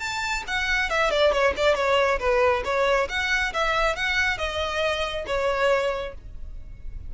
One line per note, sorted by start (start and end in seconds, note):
0.00 0.44 A5
0.48 0.90 F#5
0.90 1.11 E5
1.11 1.33 D5
1.33 1.54 C#5
1.57 1.76 D5
1.76 2.19 C#5
2.20 2.64 B4
2.65 3.09 C#5
3.10 3.54 F#5
3.54 3.96 E5
3.96 4.38 F#5
4.38 5.26 D#5
5.27 6.15 C#5